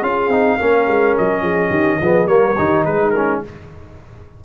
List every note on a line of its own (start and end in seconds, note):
0.00 0.28 C#4
0.00 0.31 F4
0.00 0.57 G#4
0.00 1.16 F5
0.28 0.56 C4
0.28 0.59 D#4
0.57 0.87 A#3
0.57 2.01 C#4
0.57 1.42 A#4
0.87 1.15 G#3
1.18 1.42 F#3
1.18 2.27 D#5
1.42 1.70 F3
1.42 1.69 G#4
1.69 1.99 D#3
1.69 1.97 G4
2.01 2.26 F3
2.01 2.27 B3
2.01 2.29 G#4
2.26 2.55 G3
2.26 2.56 A#3
2.26 2.57 A#4
2.26 2.84 C#5
2.57 2.86 D#3
2.57 3.14 D#4
2.57 2.85 G4
2.85 3.43 G#3
2.85 3.44 D#4
2.85 3.10 B4
3.10 3.44 C#4
3.10 3.39 A#4